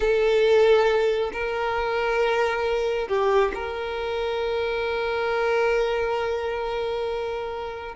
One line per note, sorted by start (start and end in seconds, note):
0.00 1.31 A4
1.33 3.08 A#4
3.08 3.52 G4
3.54 7.95 A#4